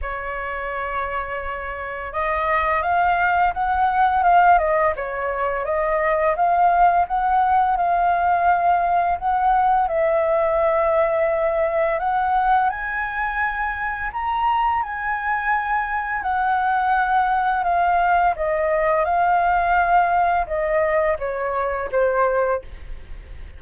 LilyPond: \new Staff \with { instrumentName = "flute" } { \time 4/4 \tempo 4 = 85 cis''2. dis''4 | f''4 fis''4 f''8 dis''8 cis''4 | dis''4 f''4 fis''4 f''4~ | f''4 fis''4 e''2~ |
e''4 fis''4 gis''2 | ais''4 gis''2 fis''4~ | fis''4 f''4 dis''4 f''4~ | f''4 dis''4 cis''4 c''4 | }